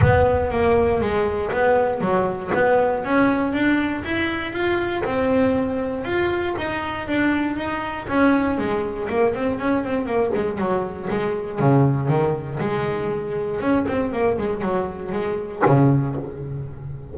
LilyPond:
\new Staff \with { instrumentName = "double bass" } { \time 4/4 \tempo 4 = 119 b4 ais4 gis4 b4 | fis4 b4 cis'4 d'4 | e'4 f'4 c'2 | f'4 dis'4 d'4 dis'4 |
cis'4 gis4 ais8 c'8 cis'8 c'8 | ais8 gis8 fis4 gis4 cis4 | dis4 gis2 cis'8 c'8 | ais8 gis8 fis4 gis4 cis4 | }